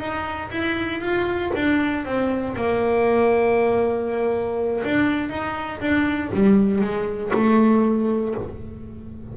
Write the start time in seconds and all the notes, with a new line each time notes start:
0.00 D#4
0.51 E4
1.01 F4
1.55 D4
2.06 C4
2.56 A#3
4.85 D4
5.30 D#4
5.81 D4
6.34 G3
6.82 G#3
7.34 A3